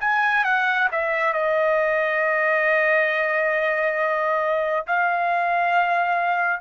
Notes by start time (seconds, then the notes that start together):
0.00 G#5
0.44 F#5
0.91 E5
1.33 D#5
4.86 F5